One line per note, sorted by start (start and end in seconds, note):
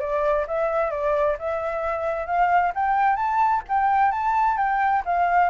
0.00 0.46 D5
0.47 0.91 E5
0.91 1.36 D5
1.38 2.26 E5
2.26 2.72 F5
2.75 3.16 G5
3.16 3.62 A5
3.68 4.11 G5
4.11 4.57 A5
4.57 5.03 G5
5.05 5.49 F5